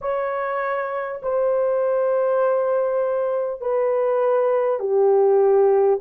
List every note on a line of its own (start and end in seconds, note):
0.01 1.21 C#5
1.22 3.60 C5
3.60 4.79 B4
4.79 5.99 G4